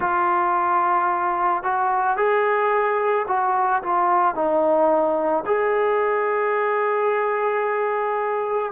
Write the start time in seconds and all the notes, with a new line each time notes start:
0.00 F4
1.63 F#4
2.16 G#4
3.27 F#4
3.82 F4
4.34 D#4
5.45 G#4